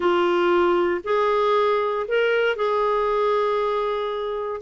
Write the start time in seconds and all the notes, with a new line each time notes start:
0.00 F4
1.03 G#4
2.08 A#4
2.55 G#4